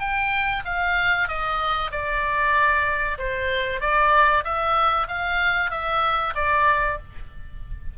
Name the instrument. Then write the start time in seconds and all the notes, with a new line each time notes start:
oboe
0.00 G5
0.65 F5
1.28 D#5
1.92 D5
3.19 C5
3.81 D5
4.44 E5
5.08 F5
5.71 E5
6.35 D5